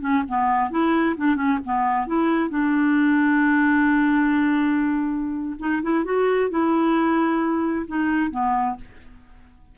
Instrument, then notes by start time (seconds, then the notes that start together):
clarinet
0.00 C#4
0.28 B3
0.70 E4
1.17 D4
1.36 C#4
1.64 B3
2.07 E4
2.49 D4
5.59 D#4
5.82 E4
6.04 F#4
6.50 E4
7.87 D#4
8.30 B3